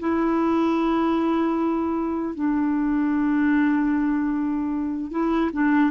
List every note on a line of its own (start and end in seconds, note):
0.00 2.35 E4
2.35 5.12 D4
5.12 5.51 E4
5.53 5.91 D4